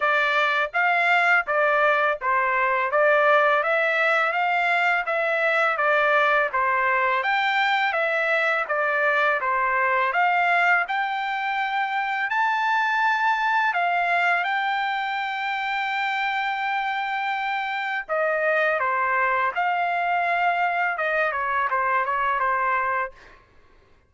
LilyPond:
\new Staff \with { instrumentName = "trumpet" } { \time 4/4 \tempo 4 = 83 d''4 f''4 d''4 c''4 | d''4 e''4 f''4 e''4 | d''4 c''4 g''4 e''4 | d''4 c''4 f''4 g''4~ |
g''4 a''2 f''4 | g''1~ | g''4 dis''4 c''4 f''4~ | f''4 dis''8 cis''8 c''8 cis''8 c''4 | }